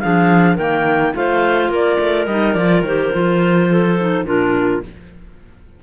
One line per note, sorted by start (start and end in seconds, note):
0.00 0.58 F3
0.00 0.59 D4
0.00 0.55 G#4
0.00 0.57 F5
0.55 1.15 D#3
0.55 1.14 A#3
0.55 1.12 A#4
0.55 1.15 G5
1.14 1.69 A3
1.14 2.27 F4
1.14 1.70 C5
1.14 1.73 F5
1.69 1.98 A#3
1.69 3.68 A#4
1.75 2.27 D5
2.00 2.27 A3
2.27 2.55 G3
2.27 2.58 D#4
2.27 2.54 D#5
2.54 2.82 F3
2.54 2.86 F4
2.54 2.82 D5
2.82 3.11 D#3
2.82 3.13 G4
2.82 4.27 C5
3.13 4.25 F3
3.13 3.98 F4
3.71 4.26 A4
3.99 4.25 D#4
4.25 4.81 A#2
4.25 4.82 D4
4.25 4.83 F4
4.25 4.84 A#4